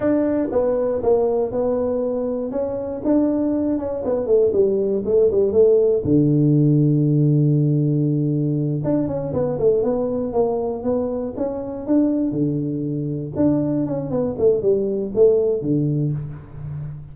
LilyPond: \new Staff \with { instrumentName = "tuba" } { \time 4/4 \tempo 4 = 119 d'4 b4 ais4 b4~ | b4 cis'4 d'4. cis'8 | b8 a8 g4 a8 g8 a4 | d1~ |
d4. d'8 cis'8 b8 a8 b8~ | b8 ais4 b4 cis'4 d'8~ | d'8 d2 d'4 cis'8 | b8 a8 g4 a4 d4 | }